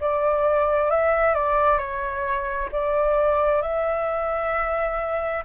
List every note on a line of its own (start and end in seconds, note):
0.00 0.90 D5
0.90 1.34 E5
1.34 1.78 D5
1.78 2.69 C#5
2.72 3.62 D5
3.62 5.43 E5